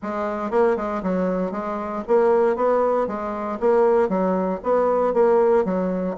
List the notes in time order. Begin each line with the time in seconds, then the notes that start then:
0.02 G#3
0.50 A#3
0.76 G#3
1.03 F#3
1.51 G#3
2.07 A#3
2.56 B3
3.07 G#3
3.60 A#3
4.08 F#3
4.63 B3
5.13 A#3
5.64 F#3